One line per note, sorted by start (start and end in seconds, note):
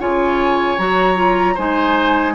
0.00 0.79 C#3
0.00 0.79 F4
0.00 1.55 C#5
0.00 0.79 G#5
0.79 1.58 F#3
0.79 1.16 F#4
0.79 1.58 A#5
1.16 1.56 F4
1.55 2.35 G#3
1.55 2.35 D#4
1.55 2.34 C5
1.55 2.35 G#5